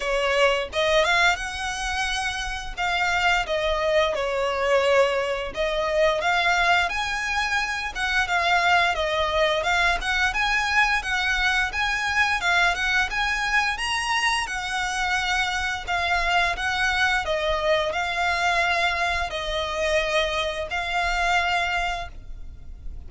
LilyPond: \new Staff \with { instrumentName = "violin" } { \time 4/4 \tempo 4 = 87 cis''4 dis''8 f''8 fis''2 | f''4 dis''4 cis''2 | dis''4 f''4 gis''4. fis''8 | f''4 dis''4 f''8 fis''8 gis''4 |
fis''4 gis''4 f''8 fis''8 gis''4 | ais''4 fis''2 f''4 | fis''4 dis''4 f''2 | dis''2 f''2 | }